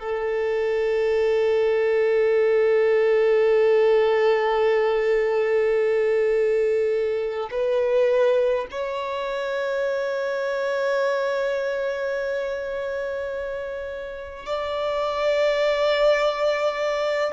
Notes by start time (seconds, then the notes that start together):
0.00 A4
7.51 B4
8.71 C#5
14.46 D5